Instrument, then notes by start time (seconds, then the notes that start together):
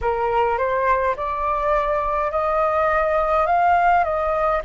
flute
0.01 A#4
0.58 C5
1.16 D5
2.31 D#5
3.46 F5
4.04 D#5